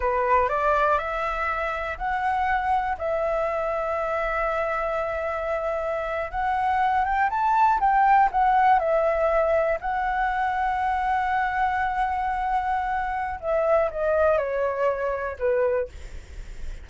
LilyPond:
\new Staff \with { instrumentName = "flute" } { \time 4/4 \tempo 4 = 121 b'4 d''4 e''2 | fis''2 e''2~ | e''1~ | e''8. fis''4. g''8 a''4 g''16~ |
g''8. fis''4 e''2 fis''16~ | fis''1~ | fis''2. e''4 | dis''4 cis''2 b'4 | }